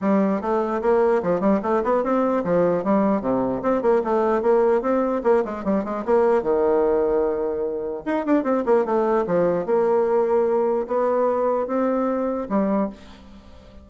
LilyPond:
\new Staff \with { instrumentName = "bassoon" } { \time 4/4 \tempo 4 = 149 g4 a4 ais4 f8 g8 | a8 b8 c'4 f4 g4 | c4 c'8 ais8 a4 ais4 | c'4 ais8 gis8 g8 gis8 ais4 |
dis1 | dis'8 d'8 c'8 ais8 a4 f4 | ais2. b4~ | b4 c'2 g4 | }